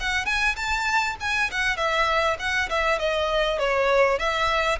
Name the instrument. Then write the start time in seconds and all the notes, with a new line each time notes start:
violin
0.00 F#5
0.26 G#5
0.56 A5
1.20 G#5
1.51 F#5
1.77 E5
2.39 F#5
2.70 E5
2.99 D#5
3.59 C#5
4.19 E5